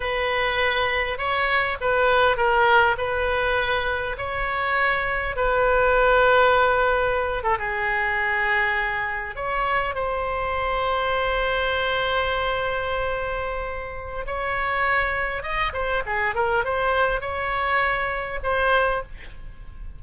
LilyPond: \new Staff \with { instrumentName = "oboe" } { \time 4/4 \tempo 4 = 101 b'2 cis''4 b'4 | ais'4 b'2 cis''4~ | cis''4 b'2.~ | b'8 a'16 gis'2. cis''16~ |
cis''8. c''2.~ c''16~ | c''1 | cis''2 dis''8 c''8 gis'8 ais'8 | c''4 cis''2 c''4 | }